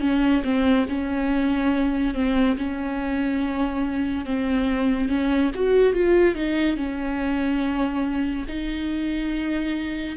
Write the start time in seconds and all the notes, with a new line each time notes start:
0.00 C#4
0.43 C4
0.88 C#4
2.14 C4
2.57 C#4
4.25 C4
5.08 C#4
5.54 F#4
5.93 F4
6.35 D#4
6.76 C#4
8.48 D#4